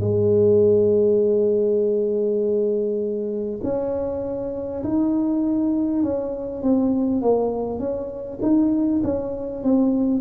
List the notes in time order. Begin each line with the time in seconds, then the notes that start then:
0.00 G#3
3.63 C#4
4.83 D#4
6.02 C#4
6.62 C4
7.21 A#3
7.79 C#4
8.42 D#4
9.03 C#4
9.63 C4